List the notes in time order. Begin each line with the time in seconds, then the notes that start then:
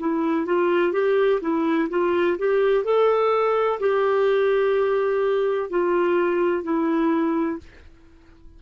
0.00 E4
0.46 F4
0.93 G4
1.41 E4
1.90 F4
2.39 G4
2.84 A4
3.80 G4
5.70 F4
6.63 E4